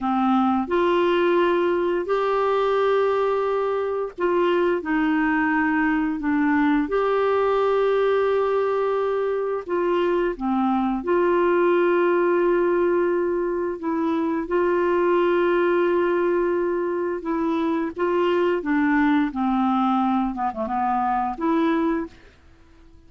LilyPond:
\new Staff \with { instrumentName = "clarinet" } { \time 4/4 \tempo 4 = 87 c'4 f'2 g'4~ | g'2 f'4 dis'4~ | dis'4 d'4 g'2~ | g'2 f'4 c'4 |
f'1 | e'4 f'2.~ | f'4 e'4 f'4 d'4 | c'4. b16 a16 b4 e'4 | }